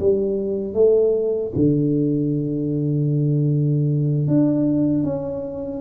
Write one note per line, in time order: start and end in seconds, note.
0.00 0.74 G3
0.74 1.52 A3
1.55 4.28 D3
4.28 5.04 D4
5.04 5.82 C#4